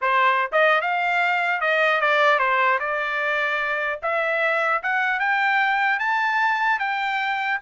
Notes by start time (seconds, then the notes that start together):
0.01 C5
0.52 D#5
0.81 F5
1.60 D#5
2.01 D5
2.38 C5
2.79 D5
4.02 E5
4.83 F#5
5.19 G5
5.99 A5
6.79 G5